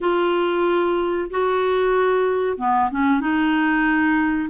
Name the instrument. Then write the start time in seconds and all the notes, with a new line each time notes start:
clarinet
0.01 F4
1.30 F#4
2.57 B3
2.90 C#4
3.20 D#4